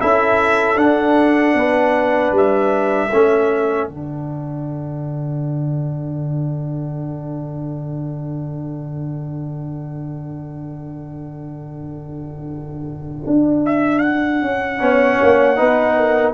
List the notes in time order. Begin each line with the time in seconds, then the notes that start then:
0.00 C#4 E4 A4 E5
0.77 D4 F#5
1.54 B3 B4
2.32 G3 E5
3.10 A3 C#4 A4
3.89 D3 D4 F#5
13.27 D4
13.66 E5
13.99 F#5
14.42 C#4
14.79 B3 C#4 C#5
15.23 A#3
15.56 B3 D#4 B4
15.98 A#4